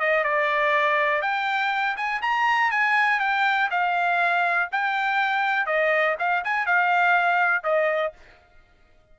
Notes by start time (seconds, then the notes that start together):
0.00 D#5
0.24 D5
1.22 G5
1.97 G#5
2.22 A#5
2.72 G#5
3.20 G5
3.71 F5
4.72 G5
5.67 D#5
6.20 F5
6.45 G#5
6.66 F5
7.64 D#5